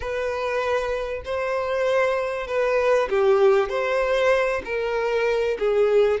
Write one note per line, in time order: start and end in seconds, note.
0.00 1.22 B4
1.24 2.47 C5
2.47 3.08 B4
3.09 3.69 G4
3.69 4.62 C5
4.64 5.57 A#4
5.58 6.20 G#4